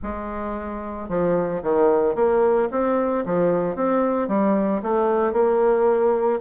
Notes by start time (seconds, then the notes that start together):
0.02 G#3
1.08 F3
1.62 D#3
2.15 A#3
2.71 C4
3.25 F3
3.75 C4
4.28 G3
4.82 A3
5.32 A#3